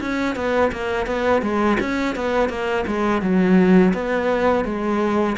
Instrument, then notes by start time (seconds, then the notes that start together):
cello
0.00 C#4
0.35 B3
0.72 A#3
1.06 B3
1.42 G#3
1.80 C#4
2.15 B3
2.49 A#3
2.86 G#3
3.21 F#3
3.94 B3
4.65 G#3